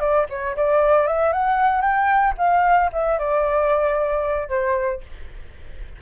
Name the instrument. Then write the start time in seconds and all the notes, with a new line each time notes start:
flute
0.00 D5
0.30 C#5
0.57 D5
1.07 E5
1.33 F#5
1.82 G5
2.38 F5
2.93 E5
3.19 D5
4.49 C5